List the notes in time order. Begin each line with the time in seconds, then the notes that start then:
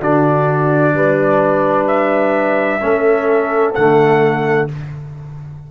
0.00 D3 D4 F#4 D5
0.94 G3 B4
1.87 E5
2.81 A3 C#4 A4
3.75 D3 A3 F#5